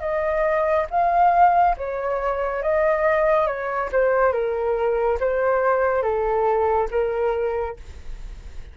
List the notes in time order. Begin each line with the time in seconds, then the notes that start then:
0.00 D#5
0.90 F5
1.77 C#5
2.62 D#5
3.46 C#5
3.92 C5
4.32 A#4
5.20 C5
6.02 A4
6.90 A#4